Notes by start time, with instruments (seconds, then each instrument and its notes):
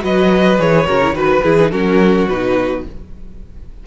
0.00 cello F#3, viola F#4, violin B4 D#5
0.59 cello E3, viola G#4, violin C#5
0.87 cello C#3, viola F#4, violin A#4
1.02 viola E4
1.13 cello D#3, viola F#4, violin B4
1.19 violin B4
1.43 cello E3, viola E4, violin G#4
1.60 viola D#4
1.71 cello F#3, viola C#4, violin F#4 A#4
2.28 cello B2, viola D#4, violin B4